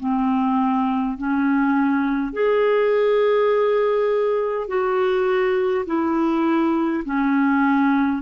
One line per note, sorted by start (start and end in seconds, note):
0.00 1.18 C4
1.18 2.33 C#4
2.33 4.68 G#4
4.68 5.86 F#4
5.87 7.04 E4
7.05 8.22 C#4